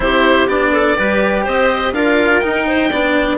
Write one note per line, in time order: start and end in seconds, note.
0.00 0.47 C4
0.00 0.48 E4
0.00 0.72 G4
0.00 0.48 C5
0.47 0.95 B3
0.47 0.97 D4
0.47 1.44 D5
0.72 0.96 A4
0.97 1.46 G3
0.97 1.94 G4
0.97 1.44 B4
1.44 1.92 C4
1.44 1.92 C5
1.44 1.93 D#5
1.92 2.41 D4
1.92 2.41 F4
1.92 2.66 A#4
1.92 2.39 F5
2.39 2.90 D#4
2.39 2.92 D#4
2.39 3.36 G5
2.67 2.90 C5
2.90 3.37 B3
2.90 3.37 D4
2.90 3.37 D5